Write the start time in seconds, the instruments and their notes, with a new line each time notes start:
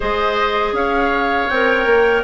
0.00 bassoon G#3, clarinet G#4, oboe C5, flute D#5
0.72 bassoon C#4, oboe C#5, flute F5
1.49 bassoon C4, clarinet A#4, flute G5
1.86 bassoon A#3